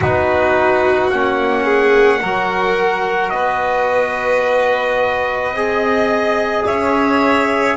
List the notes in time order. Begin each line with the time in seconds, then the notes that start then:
0.00 B3 D#4 F#4 B4
1.09 A#3 C#4 F#5
1.64 G#4
2.21 F#3 F#4 A#4
3.29 B3 B4 D#5
5.51 C4 G#4 D#5
6.65 C#4 C#5 E5